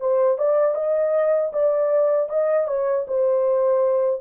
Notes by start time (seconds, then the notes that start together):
0.00 C5
0.38 D5
0.75 D#5
1.53 D5
2.29 D#5
2.68 C#5
3.08 C5